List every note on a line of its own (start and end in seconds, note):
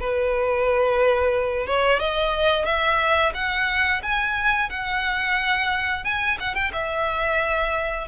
0.00 1.67 B4
1.67 1.99 C#5
1.99 2.65 D#5
2.65 3.33 E5
3.35 4.02 F#5
4.03 4.70 G#5
4.70 6.04 F#5
6.04 6.38 G#5
6.40 6.55 F#5
6.55 6.72 G5
6.73 8.08 E5